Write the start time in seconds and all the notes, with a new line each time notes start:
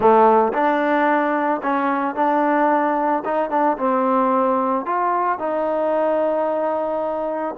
0.00 A3
0.53 D4
1.62 C#4
2.15 D4
3.24 D#4
3.50 D4
3.78 C4
4.85 F4
5.39 D#4